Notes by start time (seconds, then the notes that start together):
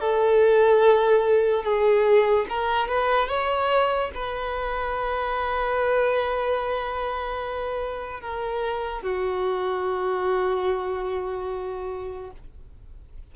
0.00 A4
1.64 G#4
2.50 A#4
2.89 B4
3.29 C#5
4.15 B4
8.21 A#4
9.03 F#4